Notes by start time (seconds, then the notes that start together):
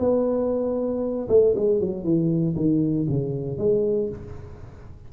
0.00 B3
1.29 A3
1.56 G#3
1.81 F#3
2.04 E3
2.56 D#3
3.10 C#3
3.58 G#3